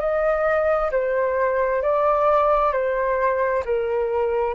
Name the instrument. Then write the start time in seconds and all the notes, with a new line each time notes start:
flute
0.00 D#5
0.92 C5
1.82 D5
2.73 C5
3.65 A#4